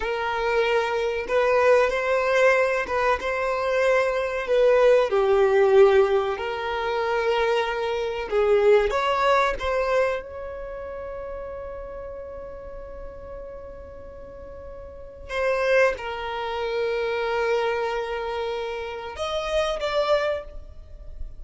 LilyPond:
\new Staff \with { instrumentName = "violin" } { \time 4/4 \tempo 4 = 94 ais'2 b'4 c''4~ | c''8 b'8 c''2 b'4 | g'2 ais'2~ | ais'4 gis'4 cis''4 c''4 |
cis''1~ | cis''1 | c''4 ais'2.~ | ais'2 dis''4 d''4 | }